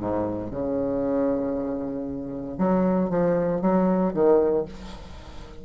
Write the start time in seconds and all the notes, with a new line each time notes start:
0.00 G#2
0.51 C#3
2.58 F#3
3.10 F3
3.62 F#3
4.14 D#3